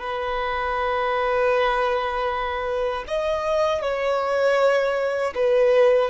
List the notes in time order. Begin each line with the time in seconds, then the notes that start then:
0.00 B4
3.07 D#5
3.81 C#5
5.34 B4